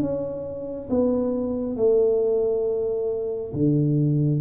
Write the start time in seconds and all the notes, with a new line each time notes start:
0.00 C#4
0.89 B3
1.76 A3
3.53 D3